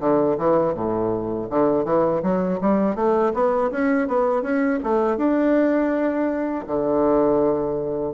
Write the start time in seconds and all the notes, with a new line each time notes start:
0.00 D3
0.38 E3
0.74 A2
1.50 D3
1.85 E3
2.23 F#3
2.61 G3
2.96 A3
3.34 B3
3.71 C#4
4.08 B3
4.42 C#4
4.84 A3
5.17 D4
6.67 D3